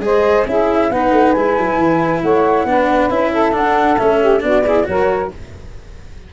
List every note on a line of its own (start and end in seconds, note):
0.00 0.44 G#3
0.00 0.46 G#4
0.00 0.48 C5
0.00 0.46 D#5
0.47 0.91 C#4
0.47 0.92 E4
0.47 0.91 G#4
0.47 0.92 E5
0.91 1.12 B3
0.91 1.37 D#4
0.91 2.24 B4
0.91 1.33 F#5
1.12 1.34 A3
1.33 1.58 G#3
1.33 2.68 E4
1.33 2.21 G#5
1.58 1.78 F#3
1.78 2.22 E3
2.23 2.65 A3
2.23 2.68 C#5
2.23 3.10 F#5
2.65 3.09 B3
2.65 3.11 D4
2.65 3.33 B4
3.10 3.55 C#4
3.10 3.53 E4
3.10 3.55 E5
3.33 4.20 A4
3.53 3.97 D4
3.53 3.99 D4
3.53 3.98 F#5
3.98 4.43 A3
3.98 4.41 C#4
3.98 4.42 E5
4.20 4.43 G4
4.41 4.87 B3
4.41 4.63 D4
4.41 4.65 F#4
4.41 4.87 D5
4.65 4.84 E4
4.65 4.87 G#4
4.84 5.33 F#3
4.84 5.28 F#4
4.84 5.33 A#4
4.84 5.32 C#5